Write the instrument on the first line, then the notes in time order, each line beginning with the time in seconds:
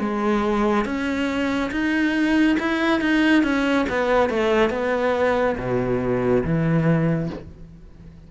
cello
0.00 G#3
0.86 C#4
1.72 D#4
2.60 E4
3.01 D#4
3.44 C#4
3.90 B3
4.30 A3
4.71 B3
5.58 B2
6.44 E3